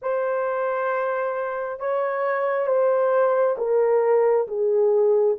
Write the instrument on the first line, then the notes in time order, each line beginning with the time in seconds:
horn
0.02 C5
1.79 C#5
2.66 C5
3.57 A#4
4.47 G#4